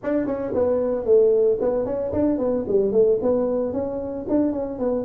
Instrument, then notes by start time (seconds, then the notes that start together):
tuba
0.03 D4
0.26 C#4
0.54 B3
1.05 A3
1.60 B3
1.85 C#4
2.12 D4
2.38 B3
2.67 G3
2.92 A3
3.22 B3
3.73 C#4
4.28 D4
4.52 C#4
4.79 B3